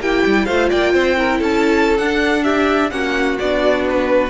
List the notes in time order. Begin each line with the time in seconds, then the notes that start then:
0.00 A#3 E4 G4 G5
0.26 G3
0.45 A3 F4 C5 F5
0.69 A#3 D5 G5
0.93 C4 C5
1.16 E4 A#4
1.38 C#4 A4 A5
1.98 D4 F#5
2.44 G4 E5
2.90 A#3 C#4 F#4 F#5
3.39 B3 D4 D5
3.89 B4